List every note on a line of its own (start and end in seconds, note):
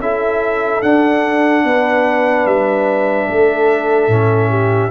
0.00 0.82 C#4
0.00 0.83 E4
0.00 1.65 A4
0.00 0.82 E5
0.82 1.64 D4
0.82 4.10 D4
0.82 2.47 F#5
1.64 2.46 B3
1.64 3.27 B4
2.46 3.28 G3
2.46 4.92 E5
3.27 4.08 A3
3.27 4.49 A4
4.08 4.90 A2
4.08 4.92 C#4
4.49 4.91 G4